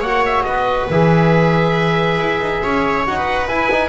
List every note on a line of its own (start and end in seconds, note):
0.00 0.45 A#3
0.00 0.92 F#4
0.00 0.43 C#5
0.00 0.24 F#5
0.25 0.43 E5
0.43 0.88 B3
0.43 2.63 B4
0.43 0.86 D#5
0.90 2.19 E3
0.90 3.06 G#4
0.90 3.06 E5
2.19 2.40 E4
2.40 2.62 D#4
2.63 3.07 C#4
2.63 3.17 C#5
3.06 3.50 D#4
3.06 3.47 F#4
3.06 3.47 F#5
3.17 3.89 B4
3.47 3.69 E4
3.47 3.89 E4
3.47 3.89 G#5
3.71 3.89 D#4